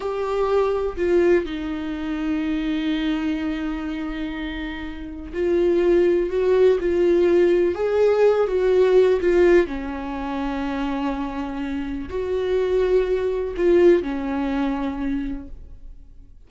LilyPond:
\new Staff \with { instrumentName = "viola" } { \time 4/4 \tempo 4 = 124 g'2 f'4 dis'4~ | dis'1~ | dis'2. f'4~ | f'4 fis'4 f'2 |
gis'4. fis'4. f'4 | cis'1~ | cis'4 fis'2. | f'4 cis'2. | }